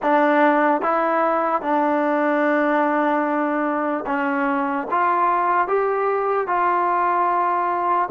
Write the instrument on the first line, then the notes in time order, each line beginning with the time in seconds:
trombone
0.02 D4
0.81 E4
1.61 D4
4.06 C#4
4.91 F4
5.68 G4
6.47 F4